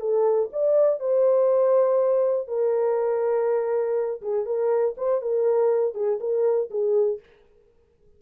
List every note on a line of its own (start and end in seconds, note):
0.00 0.50 A4
0.52 0.99 D5
0.99 2.47 C5
2.47 4.21 A#4
4.21 4.46 G#4
4.46 4.95 A#4
4.97 5.21 C5
5.21 5.94 A#4
5.94 6.19 G#4
6.20 6.69 A#4
6.70 7.20 G#4